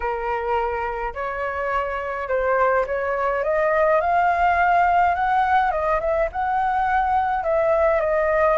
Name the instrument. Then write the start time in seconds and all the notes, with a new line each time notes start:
flute
0.00 A#4
1.14 C#5
2.28 C5
2.86 C#5
3.43 D#5
4.00 F5
5.14 F#5
5.71 D#5
6.00 E5
6.31 F#5
7.43 E5
8.00 D#5